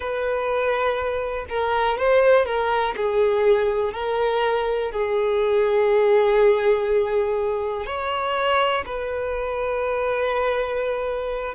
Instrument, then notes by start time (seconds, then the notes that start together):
violin
0.00 B4
1.49 A#4
1.97 C5
2.45 A#4
2.96 G#4
3.93 A#4
4.91 G#4
7.86 C#5
8.85 B4